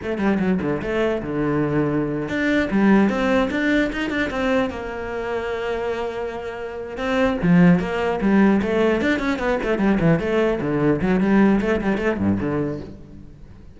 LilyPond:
\new Staff \with { instrumentName = "cello" } { \time 4/4 \tempo 4 = 150 a8 g8 fis8 d8 a4 d4~ | d4.~ d16 d'4 g4 c'16~ | c'8. d'4 dis'8 d'8 c'4 ais16~ | ais1~ |
ais4. c'4 f4 ais8~ | ais8 g4 a4 d'8 cis'8 b8 | a8 g8 e8 a4 d4 fis8 | g4 a8 g8 a8 g,8 d4 | }